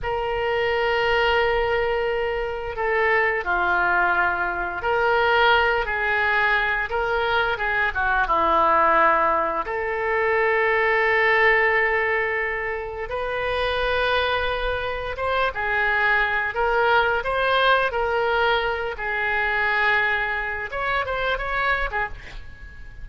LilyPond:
\new Staff \with { instrumentName = "oboe" } { \time 4/4 \tempo 4 = 87 ais'1 | a'4 f'2 ais'4~ | ais'8 gis'4. ais'4 gis'8 fis'8 | e'2 a'2~ |
a'2. b'4~ | b'2 c''8 gis'4. | ais'4 c''4 ais'4. gis'8~ | gis'2 cis''8 c''8 cis''8. gis'16 | }